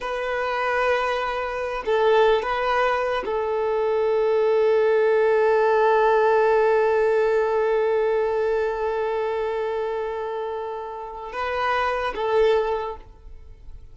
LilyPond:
\new Staff \with { instrumentName = "violin" } { \time 4/4 \tempo 4 = 148 b'1~ | b'8 a'4. b'2 | a'1~ | a'1~ |
a'1~ | a'1~ | a'1 | b'2 a'2 | }